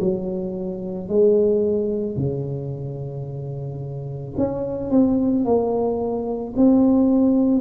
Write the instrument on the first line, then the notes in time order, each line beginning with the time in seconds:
tuba
0.00 F#3
1.09 G#3
2.16 C#3
4.37 C#4
4.90 C4
5.45 A#3
6.57 C4